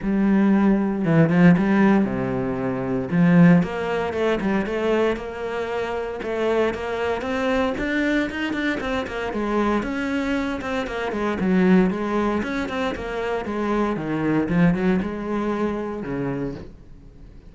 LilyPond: \new Staff \with { instrumentName = "cello" } { \time 4/4 \tempo 4 = 116 g2 e8 f8 g4 | c2 f4 ais4 | a8 g8 a4 ais2 | a4 ais4 c'4 d'4 |
dis'8 d'8 c'8 ais8 gis4 cis'4~ | cis'8 c'8 ais8 gis8 fis4 gis4 | cis'8 c'8 ais4 gis4 dis4 | f8 fis8 gis2 cis4 | }